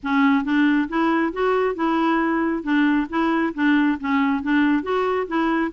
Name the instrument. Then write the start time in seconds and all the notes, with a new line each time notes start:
clarinet
0.03 C#4
0.44 D4
0.88 E4
1.32 F#4
1.75 E4
2.63 D4
3.09 E4
3.54 D4
4.00 C#4
4.42 D4
4.82 F#4
5.27 E4